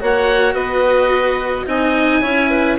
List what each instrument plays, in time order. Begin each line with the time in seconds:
0.00 bassoon A#3, cello F#4, clarinet C#5, oboe F#5
0.54 bassoon B3, clarinet B4, oboe D#5
1.66 bassoon C4, cello D#4, clarinet D#5, oboe G#5
2.21 bassoon C#4, cello E4, clarinet C#5
2.50 clarinet B4